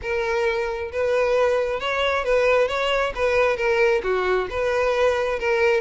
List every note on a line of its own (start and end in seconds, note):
0.02 0.91 A#4
0.92 1.80 B4
1.80 2.24 C#5
2.24 2.68 B4
2.68 3.12 C#5
3.15 3.57 B4
3.57 4.01 A#4
4.03 4.48 F#4
4.49 5.39 B4
5.39 5.80 A#4